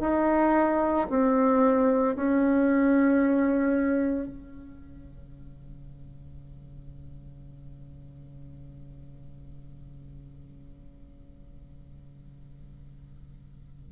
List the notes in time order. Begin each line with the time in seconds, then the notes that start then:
0.00 D#4
1.10 C4
2.16 C#4
4.27 C#3